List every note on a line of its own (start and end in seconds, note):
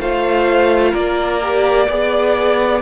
0.00 0.94 A3
0.00 1.41 F4
0.00 0.91 C5
0.00 0.94 F5
0.91 1.89 A#3
0.91 1.85 A#4
0.91 2.82 D5
1.42 1.89 G4
1.88 2.82 B3
1.88 2.82 G#4
1.88 2.82 D5